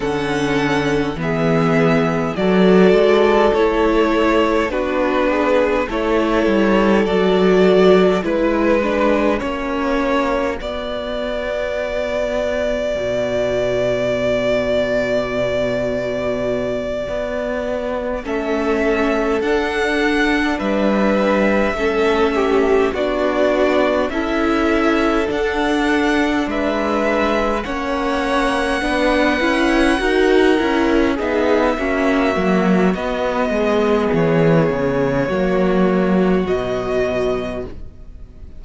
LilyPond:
<<
  \new Staff \with { instrumentName = "violin" } { \time 4/4 \tempo 4 = 51 fis''4 e''4 d''4 cis''4 | b'4 cis''4 d''4 b'4 | cis''4 d''2.~ | d''2.~ d''8 e''8~ |
e''8 fis''4 e''2 d''8~ | d''8 e''4 fis''4 e''4 fis''8~ | fis''2~ fis''8 e''4. | dis''4 cis''2 dis''4 | }
  \new Staff \with { instrumentName = "violin" } { \time 4/4 a'4 gis'4 a'2 | fis'8 gis'8 a'2 b'4 | fis'1~ | fis'2.~ fis'8 a'8~ |
a'4. b'4 a'8 g'8 fis'8~ | fis'8 a'2 b'4 cis''8~ | cis''8 b'4 ais'4 gis'8 fis'4~ | fis'8 gis'4. fis'2 | }
  \new Staff \with { instrumentName = "viola" } { \time 4/4 cis'4 b4 fis'4 e'4 | d'4 e'4 fis'4 e'8 d'8 | cis'4 b2.~ | b2.~ b8 cis'8~ |
cis'8 d'2 cis'4 d'8~ | d'8 e'4 d'2 cis'8~ | cis'8 d'8 e'8 fis'8 e'8 dis'8 cis'8 ais8 | b2 ais4 fis4 | }
  \new Staff \with { instrumentName = "cello" } { \time 4/4 d4 e4 fis8 gis8 a4 | b4 a8 g8 fis4 gis4 | ais4 b2 b,4~ | b,2~ b,8 b4 a8~ |
a8 d'4 g4 a4 b8~ | b8 cis'4 d'4 gis4 ais8~ | ais8 b8 cis'8 dis'8 cis'8 b8 ais8 fis8 | b8 gis8 e8 cis8 fis4 b,4 | }
>>